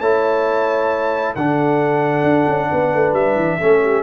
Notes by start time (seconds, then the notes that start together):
0.00 A3 E4 C#5 A5
1.35 D3 D4 A4 F#5
2.24 D4
2.48 C#4
2.71 B3 B4
2.94 A3
3.13 G3 E5
3.36 E3
3.59 A3 C#4 A4
3.82 G4